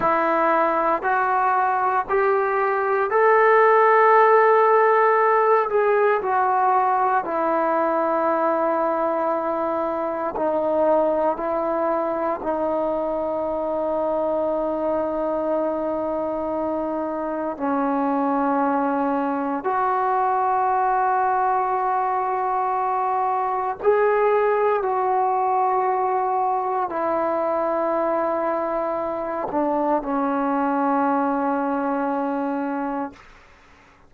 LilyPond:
\new Staff \with { instrumentName = "trombone" } { \time 4/4 \tempo 4 = 58 e'4 fis'4 g'4 a'4~ | a'4. gis'8 fis'4 e'4~ | e'2 dis'4 e'4 | dis'1~ |
dis'4 cis'2 fis'4~ | fis'2. gis'4 | fis'2 e'2~ | e'8 d'8 cis'2. | }